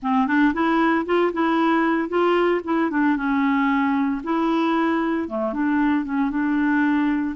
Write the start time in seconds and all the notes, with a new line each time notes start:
0.02 C4
0.27 D4
0.53 E4
1.05 F4
1.32 E4
2.08 F4
2.64 E4
2.90 D4
3.16 C#4
4.23 E4
5.28 A3
5.53 D4
6.04 C#4
6.30 D4